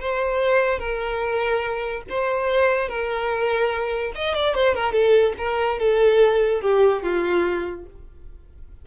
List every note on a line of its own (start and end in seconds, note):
0.00 0.79 C5
0.79 2.03 A#4
2.09 2.88 C5
2.88 4.12 A#4
4.15 4.34 D#5
4.34 4.55 D5
4.55 4.74 C5
4.74 4.92 A#4
4.92 5.33 A4
5.38 5.79 A#4
5.79 6.61 A4
6.61 7.03 G4
7.03 7.85 F4